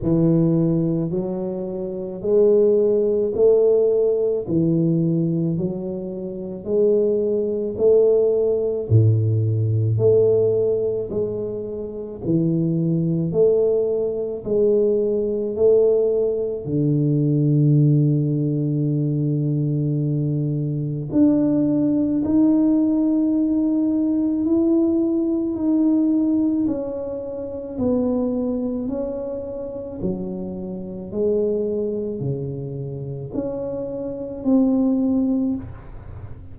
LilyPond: \new Staff \with { instrumentName = "tuba" } { \time 4/4 \tempo 4 = 54 e4 fis4 gis4 a4 | e4 fis4 gis4 a4 | a,4 a4 gis4 e4 | a4 gis4 a4 d4~ |
d2. d'4 | dis'2 e'4 dis'4 | cis'4 b4 cis'4 fis4 | gis4 cis4 cis'4 c'4 | }